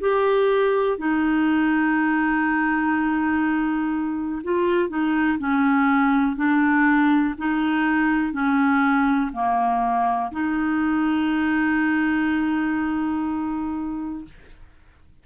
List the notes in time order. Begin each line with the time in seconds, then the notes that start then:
0.00 G4
0.98 D#4
4.44 F4
4.89 D#4
5.39 C#4
6.36 D4
7.38 D#4
8.32 C#4
9.33 A#3
10.31 D#4